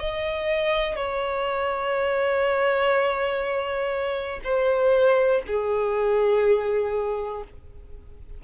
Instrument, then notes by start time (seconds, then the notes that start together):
violin
0.00 D#5
0.96 C#5
4.44 C5
5.47 G#4